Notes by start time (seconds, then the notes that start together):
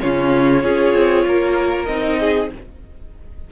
0.00 C#3 C#4 F4 C#5
0.62 C#4 F4 G#4
0.94 C4
1.26 A#3 A#4
1.85 C4 D#4 D#5
2.19 G#4